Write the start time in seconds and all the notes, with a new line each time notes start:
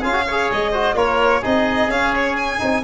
0.00 C#4 F4 G#4 F5
0.13 F#4
0.27 G#4 C#5
0.51 G#3 D#5
0.71 F#4 C5
0.95 A#3 F4 A#4 C#5
1.41 C4 D#4 G#4 D#5
1.88 C#4 F5
2.15 C#5
2.36 G#5
2.58 C4 D#4